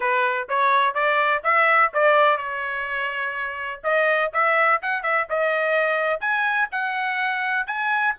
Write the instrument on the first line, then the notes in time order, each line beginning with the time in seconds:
trumpet
0.00 B4
0.48 C#5
0.94 D5
1.43 E5
1.93 D5
2.37 C#5
3.83 D#5
4.33 E5
4.81 F#5
5.02 E5
5.29 D#5
6.20 G#5
6.71 F#5
7.66 G#5